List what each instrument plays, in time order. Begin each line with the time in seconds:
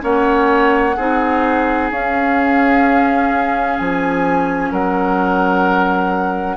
0.00 bassoon A#3, clarinet C#4, oboe C#5, flute F#5
0.96 bassoon C4, clarinet D#4, oboe G#4
1.91 bassoon C#4, clarinet C#4, flute F5
3.78 bassoon F3, flute G#5
4.71 bassoon F#3, oboe A#4, flute F#5